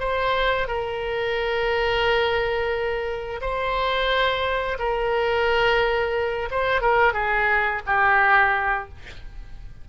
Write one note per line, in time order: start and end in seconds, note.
0.00 0.68 C5
0.68 3.41 A#4
3.42 4.78 C5
4.79 6.50 A#4
6.51 6.82 C5
6.82 7.14 A#4
7.14 7.82 G#4
7.87 8.89 G4